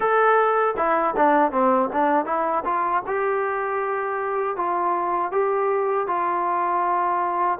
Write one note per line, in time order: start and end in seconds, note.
0.00 0.75 A4
0.77 1.15 E4
1.16 1.51 D4
1.51 1.89 C4
1.93 2.25 D4
2.25 2.63 E4
2.64 3.02 F4
3.06 4.56 G4
4.56 5.31 F4
5.31 6.07 G4
6.07 7.58 F4